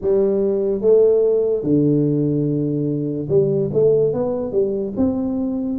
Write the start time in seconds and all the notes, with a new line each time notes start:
0.01 G3
0.81 A3
1.63 D3
3.28 G3
3.73 A3
4.13 B3
4.52 G3
4.97 C4